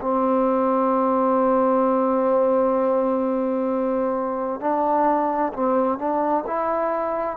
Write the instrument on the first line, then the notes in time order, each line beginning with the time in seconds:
trombone
0.00 C4
4.60 D4
5.53 C4
5.98 D4
6.46 E4